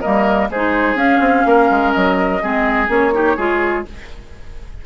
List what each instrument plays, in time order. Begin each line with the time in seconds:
0.00 bassoon G3, clarinet A#3, oboe A#4, flute D#5
0.49 bassoon G#3, clarinet D#4, oboe G#4, flute C5
0.95 bassoon C#4, clarinet C#4, flute F5
1.19 bassoon C4
1.45 bassoon A#3, oboe A#4
1.70 bassoon G#3
1.92 bassoon F#3, flute D#5
2.42 bassoon G#3, clarinet C4, oboe G#4
2.87 bassoon A#3, clarinet C#4, flute C#5
3.13 clarinet D#4, oboe G4
3.36 bassoon G#3, clarinet F4, oboe G#4